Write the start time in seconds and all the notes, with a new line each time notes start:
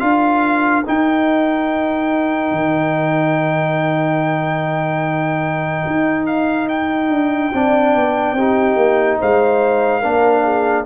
0.00 D4 F4 A#4 F5
0.86 D#4 G5
2.52 D#3
5.87 D#4
6.26 F5
6.69 G5
7.09 D4
7.54 C4 D4 D5
7.95 B3
8.33 C4 D#4 G4
8.77 A#3
9.19 G#3 C5 F5
10.01 A#3 D4 A#4
10.44 G#4